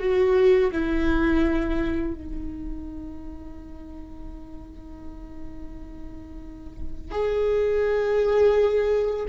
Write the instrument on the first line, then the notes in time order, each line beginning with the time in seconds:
viola
0.00 F#4
0.72 E4
2.15 D#4
7.12 G#4